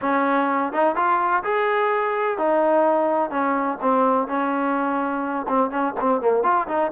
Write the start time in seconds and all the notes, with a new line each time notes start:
0.01 C#4
0.73 D#4
0.95 F4
1.43 G#4
2.37 D#4
3.30 C#4
3.81 C4
4.27 C#4
5.48 C4
5.70 C#4
6.00 C4
6.21 A#3
6.43 F4
6.68 D#4